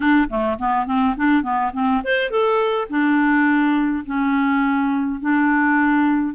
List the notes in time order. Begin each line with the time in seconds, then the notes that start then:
0.00 D4
0.29 A3
0.58 B3
0.86 C4
1.16 D4
1.43 B3
1.73 C4
2.03 C5
2.30 A4
2.89 D4
4.05 C#4
5.20 D4